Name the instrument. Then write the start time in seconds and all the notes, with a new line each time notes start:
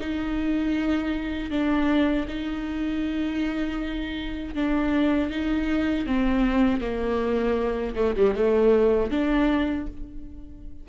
viola
0.00 D#4
1.50 D4
2.28 D#4
4.55 D4
5.30 D#4
6.07 C4
6.81 A#3
7.95 A3
8.16 G3
8.35 A3
9.11 D4